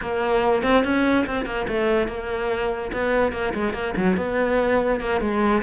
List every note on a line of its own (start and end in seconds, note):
0.01 0.62 A#3
0.62 0.83 C4
0.84 1.25 C#4
1.26 1.45 C4
1.45 1.66 A#3
1.68 2.07 A3
2.07 2.91 A#3
2.92 3.32 B3
3.32 3.53 A#3
3.53 3.73 G#3
3.73 3.94 A#3
3.96 4.16 F#3
4.16 5.00 B3
5.00 5.20 A#3
5.20 5.62 G#3